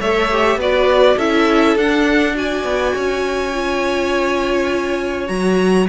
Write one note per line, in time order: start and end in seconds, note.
0.00 0.56 A3
0.00 0.31 A4
0.00 0.59 C#5
0.00 0.60 E5
0.31 0.60 G4
0.56 1.15 B3
0.56 1.19 F#4
0.56 1.17 B4
0.56 1.19 D5
1.17 1.76 C#4
1.17 1.78 E4
1.17 2.34 A4
1.17 1.78 E5
1.76 2.64 D4
1.76 2.35 D4
1.76 2.37 F#5
2.35 3.53 F#4
2.35 2.95 D5
2.35 5.28 G#5
2.64 2.94 B3
2.95 5.29 C#4
2.95 5.89 C#5
3.53 5.27 F4
5.27 5.88 F#3
5.27 5.86 F#4
5.27 5.87 A#5